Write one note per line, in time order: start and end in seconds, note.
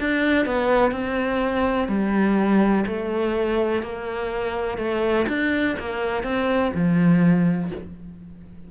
0.00 0.46 D4
0.46 0.91 B3
0.91 1.88 C4
1.88 2.85 G3
2.86 3.83 A3
3.83 4.78 A#3
4.78 5.26 A3
5.28 5.77 D4
5.79 6.23 A#3
6.23 6.72 C4
6.74 7.71 F3